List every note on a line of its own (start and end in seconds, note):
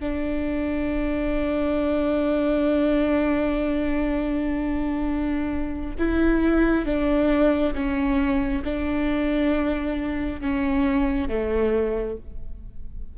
0.00 5.96 D4
5.99 6.86 E4
6.86 7.74 D4
7.74 8.63 C#4
8.65 10.41 D4
10.42 11.29 C#4
11.29 12.17 A3